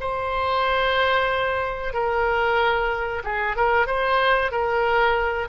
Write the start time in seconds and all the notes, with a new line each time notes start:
0.00 C5
1.93 A#4
3.24 G#4
3.56 A#4
3.87 C5
4.51 A#4